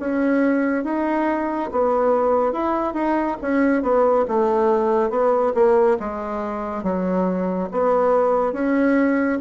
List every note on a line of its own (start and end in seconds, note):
0.00 0.85 C#4
0.85 1.70 D#4
1.72 2.53 B3
2.53 2.94 E4
2.94 3.37 D#4
3.42 3.83 C#4
3.83 4.25 B3
4.29 5.10 A3
5.10 5.53 B3
5.55 5.98 A#3
6.00 6.83 G#3
6.83 7.69 F#3
7.72 8.53 B3
8.53 9.39 C#4